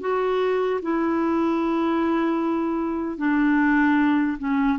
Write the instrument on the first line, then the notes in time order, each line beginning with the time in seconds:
clarinet
0.00 F#4
0.82 E4
3.17 D4
4.38 C#4